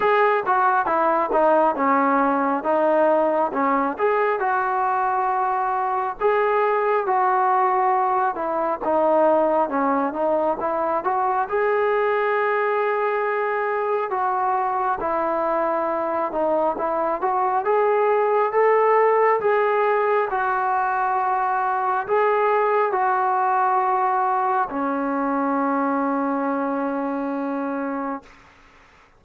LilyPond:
\new Staff \with { instrumentName = "trombone" } { \time 4/4 \tempo 4 = 68 gis'8 fis'8 e'8 dis'8 cis'4 dis'4 | cis'8 gis'8 fis'2 gis'4 | fis'4. e'8 dis'4 cis'8 dis'8 | e'8 fis'8 gis'2. |
fis'4 e'4. dis'8 e'8 fis'8 | gis'4 a'4 gis'4 fis'4~ | fis'4 gis'4 fis'2 | cis'1 | }